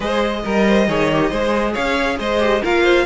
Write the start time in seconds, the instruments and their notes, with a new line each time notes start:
0.00 cello G#3, viola G#4, violin C5 D#5
0.44 cello G3, violin A#4, viola A#4
0.66 violin C5
0.88 cello D#3, viola G#4, violin C#5
1.12 viola G4
1.29 cello G#3, viola G#4, violin C5
1.72 cello C#4, violin C#5 F5
2.18 cello G#3, violin C5 D#5
2.39 viola G4
2.62 cello A#3, viola F4, violin A#4 F5
2.83 violin C5